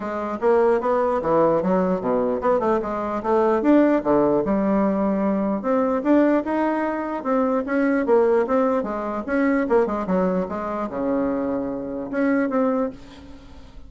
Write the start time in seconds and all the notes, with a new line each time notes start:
0.00 G#3
0.40 A#3
0.81 B3
1.22 E3
1.62 F#3
2.00 B2
2.41 B3
2.59 A3
2.82 G#3
3.22 A3
3.61 D4
4.03 D3
4.44 G3
5.61 C4
6.03 D4
6.44 D#4
7.23 C4
7.65 C#4
8.05 A#3
8.46 C4
8.83 G#3
9.26 C#4
9.69 A#3
9.86 G#3
10.06 F#3
10.48 G#3
10.89 C#3
12.10 C#4
12.49 C4